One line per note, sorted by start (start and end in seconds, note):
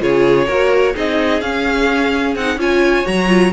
0.00 0.48 C#3
0.00 0.47 F4
0.00 0.46 G#4
0.00 0.96 C#5
0.46 0.95 A#3
0.46 0.95 F#4
0.46 0.93 A#4
0.95 1.42 C4
0.95 1.42 D#4
0.95 2.59 G#4
0.95 1.42 D#5
1.42 2.35 C#4
1.42 2.38 C#4
1.42 2.35 F5
2.35 2.56 C4
2.35 2.59 D#4
2.35 2.60 F#5
2.56 3.03 C#4
2.56 3.05 F4
2.56 3.53 C#5
2.56 3.07 G#5
3.05 3.53 F#3
3.05 3.28 F#4
3.05 3.53 A#5
3.28 3.51 F4